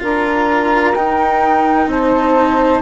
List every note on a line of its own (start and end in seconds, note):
0.00 0.95 D4
0.00 0.94 F4
0.00 1.89 A#4
0.00 0.95 A#5
0.95 1.87 D#4
0.95 2.82 D#4
0.95 1.89 G5
1.87 2.81 C4
1.87 2.82 C5
1.87 2.82 A5